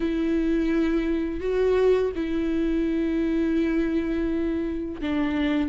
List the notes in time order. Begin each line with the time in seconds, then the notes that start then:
0.00 E4
1.40 F#4
2.15 E4
5.01 D4